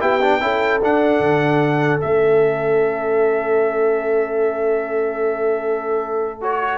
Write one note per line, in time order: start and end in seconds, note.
0.00 0.41 B3
0.00 0.20 E4
0.00 0.41 G4
0.00 0.81 G5
0.21 0.41 D4
0.41 0.81 C#4
0.41 0.81 E4
0.41 6.78 A4
0.82 1.19 D4
0.82 2.01 D4
0.82 2.01 F#5
1.19 1.99 D3
2.01 6.78 A3
2.01 6.41 C#4
2.01 6.41 E5
6.41 6.78 F#4
6.41 6.78 C#5